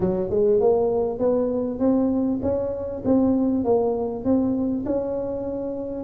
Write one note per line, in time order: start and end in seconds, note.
0.00 0.29 F#3
0.30 0.60 G#3
0.60 1.18 A#3
1.18 1.79 B3
1.79 2.39 C4
2.42 3.02 C#4
3.04 3.64 C4
3.64 4.24 A#3
4.24 4.85 C4
4.85 6.04 C#4